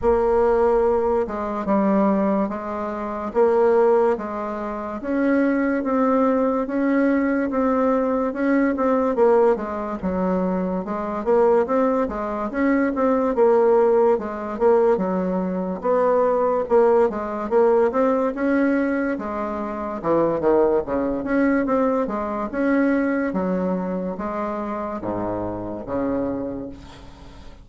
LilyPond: \new Staff \with { instrumentName = "bassoon" } { \time 4/4 \tempo 4 = 72 ais4. gis8 g4 gis4 | ais4 gis4 cis'4 c'4 | cis'4 c'4 cis'8 c'8 ais8 gis8 | fis4 gis8 ais8 c'8 gis8 cis'8 c'8 |
ais4 gis8 ais8 fis4 b4 | ais8 gis8 ais8 c'8 cis'4 gis4 | e8 dis8 cis8 cis'8 c'8 gis8 cis'4 | fis4 gis4 gis,4 cis4 | }